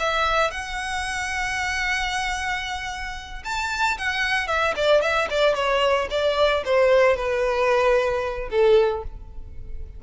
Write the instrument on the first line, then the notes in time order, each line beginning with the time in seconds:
violin
0.00 E5
0.51 F#5
3.44 A5
3.98 F#5
4.48 E5
4.76 D5
5.02 E5
5.30 D5
5.55 C#5
6.11 D5
6.65 C5
7.17 B4
8.50 A4